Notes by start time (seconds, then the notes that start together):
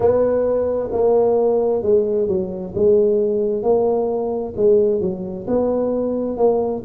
0.00 B3
0.91 A#3
1.82 G#3
2.27 F#3
2.74 G#3
3.62 A#3
4.56 G#3
5.00 F#3
5.47 B3
6.37 A#3